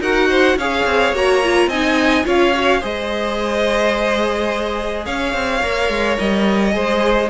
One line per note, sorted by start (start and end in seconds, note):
0.00 0.56 D#4
0.00 0.58 F#4
0.00 0.29 A#4
0.00 0.59 F#5
0.30 0.58 C5
0.57 0.85 C#4
0.57 1.15 G#4
0.57 1.69 C#5
0.57 1.15 F5
0.86 1.13 C4
1.13 1.67 A#3
1.13 1.43 F#4
1.13 1.70 A#5
1.44 1.72 F4
1.67 2.23 C4
1.67 2.25 D#4
1.67 2.25 D#5
1.67 2.26 G#5
2.25 2.83 C#4
2.25 2.53 F4
2.25 2.81 C#5
2.25 2.85 F5
2.55 2.81 F#4
2.81 5.06 G#3
2.81 5.62 G#4
2.81 5.05 C5
2.81 5.06 D#5
5.06 5.34 C#4
5.06 6.74 C#5
5.06 6.18 F5
5.35 5.63 C4
5.63 5.89 A#3
5.63 6.72 A#4
5.89 6.18 G#3
6.19 6.75 G3
6.19 7.31 D#5
6.72 7.31 G#3
6.72 7.28 G#4
6.72 7.31 C5